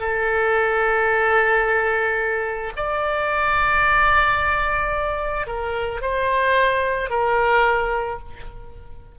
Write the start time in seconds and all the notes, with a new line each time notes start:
0.00 A4
2.76 D5
5.47 A#4
6.01 C5
7.10 A#4